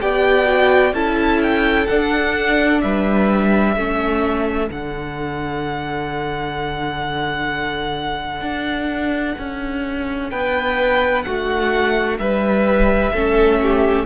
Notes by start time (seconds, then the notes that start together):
0.00 B3 G4 D5 G5
0.45 F#4
0.92 C#4 E4 A4 A5
1.42 G5
1.87 D4 F#5
2.81 G3 B4 E5
3.76 A3 C#4 A4
4.68 D3 D4 F#5
8.41 D4
9.38 C#4
10.30 B3 B4 G5
11.23 A3 F#4 F#5
12.19 G3 B4 E5
13.13 A3 C#4 A4
13.62 G4